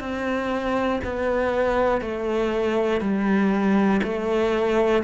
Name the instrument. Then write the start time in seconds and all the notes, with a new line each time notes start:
cello
0.00 C4
1.04 B3
2.01 A3
3.00 G3
4.03 A3